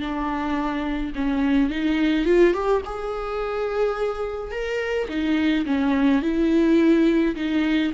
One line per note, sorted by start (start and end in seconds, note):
0.00 1.13 D4
1.15 1.70 C#4
1.70 2.25 D#4
2.25 2.53 F4
2.53 2.82 G4
2.85 4.51 G#4
4.51 5.08 A#4
5.09 5.65 D#4
5.66 6.22 C#4
6.22 7.35 E4
7.36 7.92 D#4